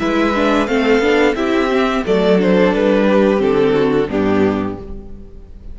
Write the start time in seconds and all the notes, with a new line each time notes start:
0.00 G#3 E4 B4 E5
0.35 D4
0.67 A3 C4 A4 F5
1.00 B3 D4
1.36 C4 E4 G4 E5
1.72 C4
2.06 F#3 A3 A4 D5
2.39 D4 C5
2.74 G3 B4
3.08 G4
3.37 D3 C4 A4
3.75 F#4
4.09 G2 B3 D4 G4